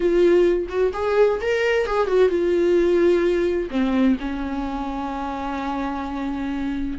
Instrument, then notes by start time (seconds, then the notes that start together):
viola
0.00 F4
0.68 F#4
0.93 G#4
1.41 A#4
1.86 G#4
2.07 F#4
2.29 F4
3.70 C4
4.19 C#4